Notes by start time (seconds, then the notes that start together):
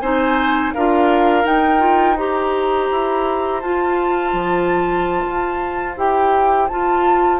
0.00 C4 D#4 C5 G#5
0.74 D4 F4 A#4 F5
1.44 D#4 G5
1.80 F4
2.17 G4 C5 A#5
2.92 E4
3.61 F4 A5
4.33 F3
5.27 F4
5.97 E4 G4 G5
6.68 F4 A5